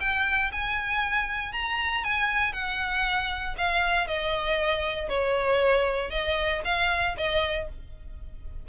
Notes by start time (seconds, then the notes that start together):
0.00 G5
0.52 G#5
1.52 A#5
2.04 G#5
2.53 F#5
3.58 F5
4.07 D#5
5.09 C#5
6.10 D#5
6.64 F5
7.17 D#5